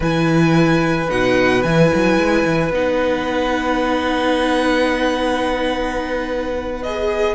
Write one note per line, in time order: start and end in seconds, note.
0.00 1.08 E3
0.00 1.08 E4
0.00 7.35 B4
0.00 1.10 G#5
1.08 1.64 B2
1.08 1.63 D#4
1.08 1.62 F#5
1.62 1.91 E3
1.62 2.73 E4
1.62 2.71 G#5
1.94 2.17 F#3
2.17 2.44 G#3
2.45 2.71 E3
2.71 7.34 B3
2.71 6.82 D#4
2.71 6.82 F#5
6.82 7.35 G#4
6.82 7.35 D#5